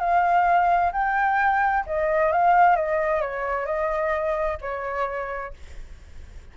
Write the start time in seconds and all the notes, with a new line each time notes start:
0.00 F5
0.93 G5
1.87 D#5
2.32 F5
2.76 D#5
3.21 C#5
3.66 D#5
4.61 C#5